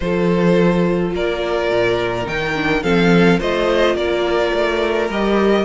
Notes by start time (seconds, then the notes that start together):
0.00 F3 F4 A4 C5
1.13 A#3 A#4 D5
1.70 A#2
2.23 D#3 D#4 G5
2.55 D4
2.82 F3 C4 A4 F5
3.39 A3 F4 C5 D#5
3.95 A#3 A#4 D5
4.54 A3
5.09 G3 G4 D#5